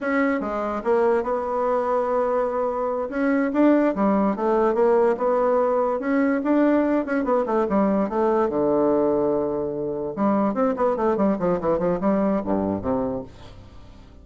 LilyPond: \new Staff \with { instrumentName = "bassoon" } { \time 4/4 \tempo 4 = 145 cis'4 gis4 ais4 b4~ | b2.~ b8 cis'8~ | cis'8 d'4 g4 a4 ais8~ | ais8 b2 cis'4 d'8~ |
d'4 cis'8 b8 a8 g4 a8~ | a8 d2.~ d8~ | d8 g4 c'8 b8 a8 g8 f8 | e8 f8 g4 g,4 c4 | }